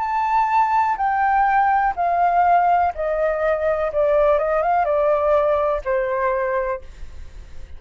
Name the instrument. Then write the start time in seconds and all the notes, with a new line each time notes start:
flute
0.00 A5
0.98 G5
1.96 F5
2.95 D#5
3.93 D5
4.39 D#5
4.63 F5
4.85 D5
5.85 C5